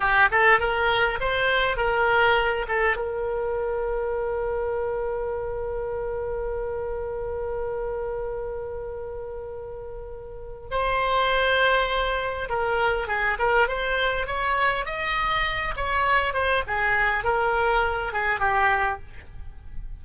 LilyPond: \new Staff \with { instrumentName = "oboe" } { \time 4/4 \tempo 4 = 101 g'8 a'8 ais'4 c''4 ais'4~ | ais'8 a'8 ais'2.~ | ais'1~ | ais'1~ |
ais'2 c''2~ | c''4 ais'4 gis'8 ais'8 c''4 | cis''4 dis''4. cis''4 c''8 | gis'4 ais'4. gis'8 g'4 | }